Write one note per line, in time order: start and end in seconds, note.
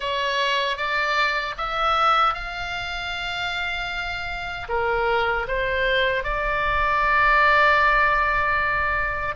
0.00 0.77 C#5
0.77 1.54 D5
1.57 2.33 E5
2.33 4.67 F5
4.69 5.47 A#4
5.47 6.23 C5
6.23 9.35 D5